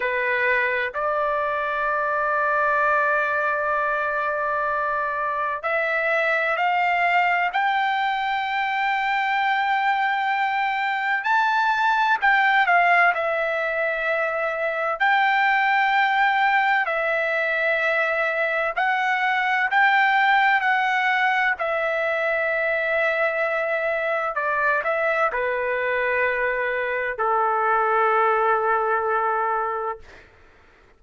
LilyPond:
\new Staff \with { instrumentName = "trumpet" } { \time 4/4 \tempo 4 = 64 b'4 d''2.~ | d''2 e''4 f''4 | g''1 | a''4 g''8 f''8 e''2 |
g''2 e''2 | fis''4 g''4 fis''4 e''4~ | e''2 d''8 e''8 b'4~ | b'4 a'2. | }